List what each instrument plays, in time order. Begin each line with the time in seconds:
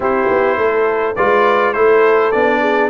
0.00 tuba C4, trombone E4, horn G4, trumpet C5
0.29 tuba B3
0.57 tuba A3, horn A4
1.15 tuba G#3, trombone F4, horn B4, trumpet D5
1.73 tuba A3, trombone E4, horn A4, trumpet C5
2.31 tuba B3, trombone D4, trumpet D5
2.60 horn G#4